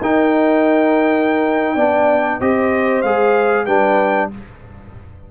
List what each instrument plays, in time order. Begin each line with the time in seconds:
0.00 tuba D#4, trombone D#4, horn A#4, trumpet G5
1.75 tuba B3, trombone D4, horn D5
2.40 tuba C4, trombone G4, horn C5, trumpet D#5
3.01 tuba G#3, trombone G#4, trumpet F5
3.66 tuba G3, trombone D4, horn B4, trumpet G5